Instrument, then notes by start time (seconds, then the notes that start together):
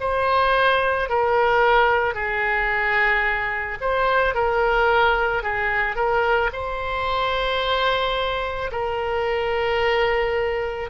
oboe
0.00 C5
1.09 A#4
2.14 G#4
3.80 C5
4.34 A#4
5.42 G#4
5.96 A#4
6.53 C5
8.71 A#4